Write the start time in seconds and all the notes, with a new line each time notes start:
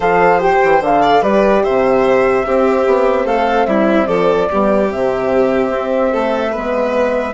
0.00 F3 A4 C5 F5
0.39 G4 G5
0.64 E3
0.80 D3 A4 F5
1.01 D5
1.21 G3 G4 B4 D5
1.63 C3 C5 E5
2.45 C4 G4
2.86 B3
3.24 A3 A4 F5
3.66 G3 E4 E5
4.06 F3 A4 D5
4.49 G3 B3 G4
4.88 C3 C4 E5
5.69 C4
6.12 A3 A4
6.51 G#3 B3 B4